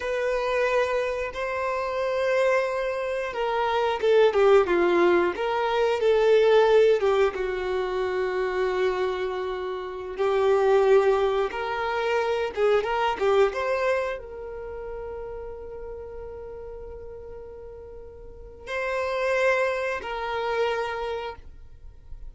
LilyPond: \new Staff \with { instrumentName = "violin" } { \time 4/4 \tempo 4 = 90 b'2 c''2~ | c''4 ais'4 a'8 g'8 f'4 | ais'4 a'4. g'8 fis'4~ | fis'2.~ fis'16 g'8.~ |
g'4~ g'16 ais'4. gis'8 ais'8 g'16~ | g'16 c''4 ais'2~ ais'8.~ | ais'1 | c''2 ais'2 | }